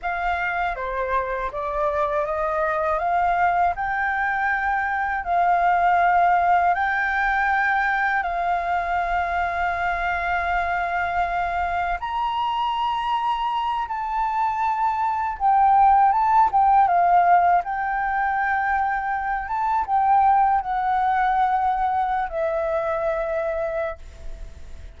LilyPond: \new Staff \with { instrumentName = "flute" } { \time 4/4 \tempo 4 = 80 f''4 c''4 d''4 dis''4 | f''4 g''2 f''4~ | f''4 g''2 f''4~ | f''1 |
ais''2~ ais''8 a''4.~ | a''8 g''4 a''8 g''8 f''4 g''8~ | g''2 a''8 g''4 fis''8~ | fis''4.~ fis''16 e''2~ e''16 | }